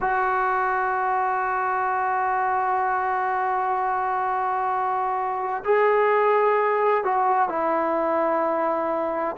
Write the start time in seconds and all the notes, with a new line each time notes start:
0.00 F#4
5.64 G#4
7.04 F#4
7.48 E4